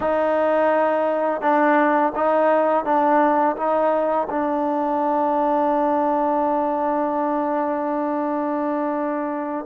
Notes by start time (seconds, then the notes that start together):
0.00 D#4
1.41 D4
2.15 D#4
2.84 D4
3.56 D#4
4.30 D4